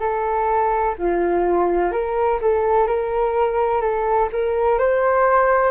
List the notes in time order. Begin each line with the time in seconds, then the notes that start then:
0.00 A4
0.99 F4
1.92 A#4
2.42 A4
2.87 A#4
3.82 A4
4.33 A#4
4.79 C5